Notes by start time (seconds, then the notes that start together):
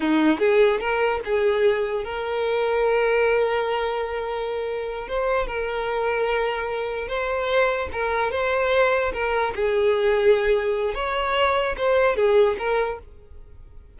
0.00 D#4
0.39 G#4
0.80 A#4
1.24 G#4
2.04 A#4
5.07 C5
5.47 A#4
7.07 C5
7.92 A#4
8.31 C5
9.13 A#4
9.55 G#4
10.94 C#5
11.77 C5
12.16 G#4
12.58 A#4